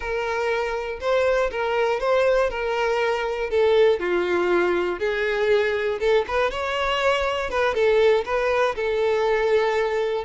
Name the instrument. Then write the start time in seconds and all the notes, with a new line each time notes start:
violin
0.00 A#4
1.00 C5
1.51 A#4
2.00 C5
2.50 A#4
3.50 A4
3.99 F4
4.99 G#4
6.00 A4
6.27 B4
6.50 C#5
7.50 B4
7.74 A4
8.25 B4
8.75 A4